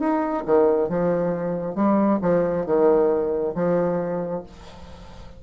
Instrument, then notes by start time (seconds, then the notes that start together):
bassoon
0.00 D#4
0.46 D#3
0.89 F3
1.76 G3
2.22 F3
2.66 D#3
3.55 F3